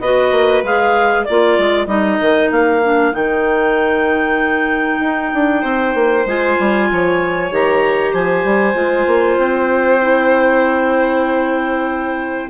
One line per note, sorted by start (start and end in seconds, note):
0.00 0.31 B3
0.00 0.64 F#4
0.00 1.25 B4
0.00 0.63 D#5
0.31 0.62 A#3
0.63 1.25 G#3
0.63 1.26 G#4
0.63 1.24 F5
1.24 1.58 A#3
1.24 1.87 F4
1.24 5.62 A#4
1.24 1.86 D5
1.58 1.86 G#3
1.86 2.18 G3
1.86 2.81 D#4
1.86 2.49 D#5
2.21 2.51 D#3
2.51 3.13 A#3
2.51 3.14 F5
2.83 3.12 D4
3.12 5.00 D#3
3.12 6.24 D#4
3.12 6.27 G5
5.00 5.31 D#4
5.34 5.63 D4
5.62 5.94 C4
5.62 6.87 C5
5.94 6.25 A#3
6.25 6.56 G#3
6.25 7.51 F4
6.25 7.53 G#5
6.59 6.90 G3
6.91 7.51 F3
6.91 8.12 C#5
7.51 8.13 D#3
7.51 8.74 G4
7.51 8.14 A#5
8.12 8.44 F3
8.12 12.49 C5
8.12 9.38 G#5
8.44 8.74 G3
8.74 9.05 G#3
8.74 9.99 F4
9.07 9.37 A#3
9.37 12.50 C4
9.37 12.50 G5
10.01 12.50 E4